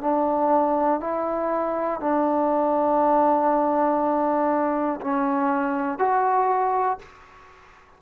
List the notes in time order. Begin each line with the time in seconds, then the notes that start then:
0.00 D4
1.00 E4
2.00 D4
5.00 C#4
5.98 F#4